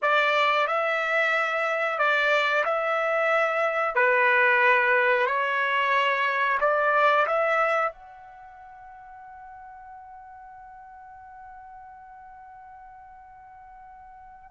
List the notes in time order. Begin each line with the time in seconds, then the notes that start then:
0.01 D5
0.67 E5
1.98 D5
2.65 E5
3.95 B4
5.26 C#5
6.60 D5
7.26 E5
7.92 F#5